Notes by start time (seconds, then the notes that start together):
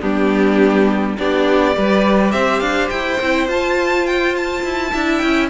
0.00 G3 B3 D4 G4
1.17 B3 D4 G4 D5
1.74 G3 G4 B4
2.31 C4 C5 E5
2.59 D4 F5
2.89 E4 G5
3.20 C4 E4
3.47 F4 A5
4.06 G5
4.36 A5
4.63 E4
4.91 D4 E4 E5
5.17 C#4 G5